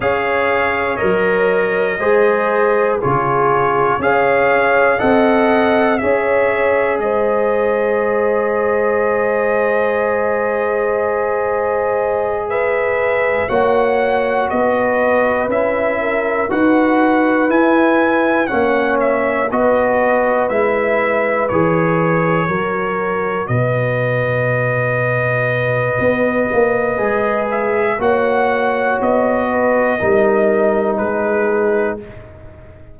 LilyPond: <<
  \new Staff \with { instrumentName = "trumpet" } { \time 4/4 \tempo 4 = 60 f''4 dis''2 cis''4 | f''4 fis''4 e''4 dis''4~ | dis''1~ | dis''8 e''4 fis''4 dis''4 e''8~ |
e''8 fis''4 gis''4 fis''8 e''8 dis''8~ | dis''8 e''4 cis''2 dis''8~ | dis''2.~ dis''8 e''8 | fis''4 dis''2 b'4 | }
  \new Staff \with { instrumentName = "horn" } { \time 4/4 cis''2 c''4 gis'4 | cis''4 dis''4 cis''4 c''4~ | c''1~ | c''8 b'4 cis''4 b'4. |
ais'8 b'2 cis''4 b'8~ | b'2~ b'8 ais'4 b'8~ | b'1 | cis''4. b'8 ais'4 gis'4 | }
  \new Staff \with { instrumentName = "trombone" } { \time 4/4 gis'4 ais'4 gis'4 f'4 | gis'4 a'4 gis'2~ | gis'1~ | gis'4. fis'2 e'8~ |
e'8 fis'4 e'4 cis'4 fis'8~ | fis'8 e'4 gis'4 fis'4.~ | fis'2. gis'4 | fis'2 dis'2 | }
  \new Staff \with { instrumentName = "tuba" } { \time 4/4 cis'4 fis4 gis4 cis4 | cis'4 c'4 cis'4 gis4~ | gis1~ | gis4. ais4 b4 cis'8~ |
cis'8 dis'4 e'4 ais4 b8~ | b8 gis4 e4 fis4 b,8~ | b,2 b8 ais8 gis4 | ais4 b4 g4 gis4 | }
>>